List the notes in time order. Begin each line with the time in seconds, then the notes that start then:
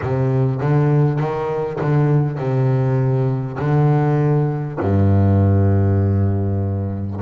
0.01 C3
0.61 D3
1.19 D#3
1.80 D3
2.37 C3
3.58 D3
4.79 G2